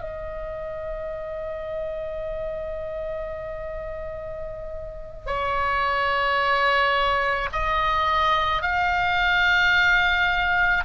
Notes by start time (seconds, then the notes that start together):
0.00 D#5
5.26 C#5
7.52 D#5
8.62 F5